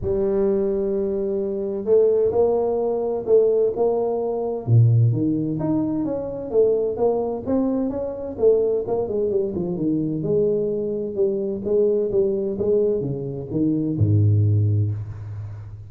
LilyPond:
\new Staff \with { instrumentName = "tuba" } { \time 4/4 \tempo 4 = 129 g1 | a4 ais2 a4 | ais2 ais,4 dis4 | dis'4 cis'4 a4 ais4 |
c'4 cis'4 a4 ais8 gis8 | g8 f8 dis4 gis2 | g4 gis4 g4 gis4 | cis4 dis4 gis,2 | }